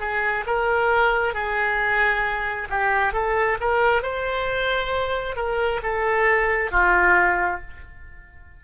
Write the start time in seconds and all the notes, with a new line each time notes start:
0.00 G#4
0.46 A#4
1.34 G#4
2.69 G4
3.13 A4
3.61 A#4
4.03 C5
5.36 A#4
5.83 A4
6.71 F4